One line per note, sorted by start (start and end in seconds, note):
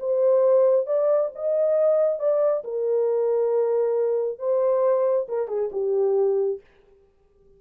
0.00 0.87 C5
0.87 1.31 D5
1.35 2.19 D#5
2.19 2.64 D5
2.64 4.39 A#4
4.39 5.27 C5
5.29 5.48 A#4
5.48 5.70 G#4
5.72 6.60 G4